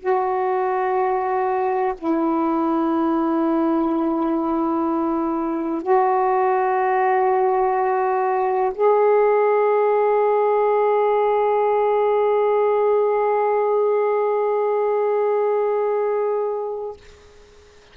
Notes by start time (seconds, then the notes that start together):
0.00 F#4
1.98 E4
5.82 F#4
8.74 G#4